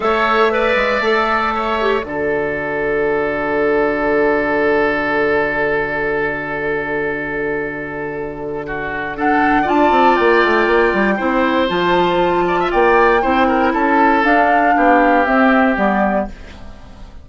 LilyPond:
<<
  \new Staff \with { instrumentName = "flute" } { \time 4/4 \tempo 4 = 118 e''1 | d''1~ | d''1~ | d''1~ |
d''2 fis''4 a''4 | g''2. a''4~ | a''4 g''2 a''4 | f''2 e''4 d''4 | }
  \new Staff \with { instrumentName = "oboe" } { \time 4/4 cis''4 d''2 cis''4 | a'1~ | a'1~ | a'1~ |
a'4 fis'4 a'4 d''4~ | d''2 c''2~ | c''8 d''16 e''16 d''4 c''8 ais'8 a'4~ | a'4 g'2. | }
  \new Staff \with { instrumentName = "clarinet" } { \time 4/4 a'4 b'4 a'4. g'8 | fis'1~ | fis'1~ | fis'1~ |
fis'2 d'4 f'4~ | f'2 e'4 f'4~ | f'2 e'2 | d'2 c'4 b4 | }
  \new Staff \with { instrumentName = "bassoon" } { \time 4/4 a4. gis8 a2 | d1~ | d1~ | d1~ |
d2. d'8 c'8 | ais8 a8 ais8 g8 c'4 f4~ | f4 ais4 c'4 cis'4 | d'4 b4 c'4 g4 | }
>>